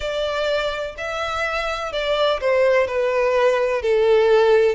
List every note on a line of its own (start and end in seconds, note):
0.00 0.95 D5
0.97 1.92 E5
1.92 2.39 D5
2.40 2.87 C5
2.87 3.82 B4
3.82 4.75 A4